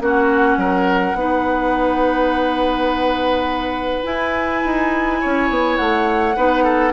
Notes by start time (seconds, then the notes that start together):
0.00 A#3 C#4 F#4 F#5
0.57 F#3 A#4
1.14 B3 D#4 B4
4.03 E4 G#5
4.64 D#4
5.20 C#4 C#5
5.49 B3
5.77 A3 F#5
6.36 B3 D#4 B4
6.64 A4